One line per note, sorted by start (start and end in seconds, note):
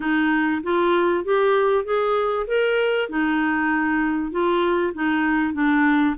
0.00 0.62 D#4
0.63 1.24 F4
1.24 1.84 G4
1.84 2.46 G#4
2.47 3.09 A#4
3.09 4.31 D#4
4.31 4.93 F4
4.94 5.53 D#4
5.53 6.15 D4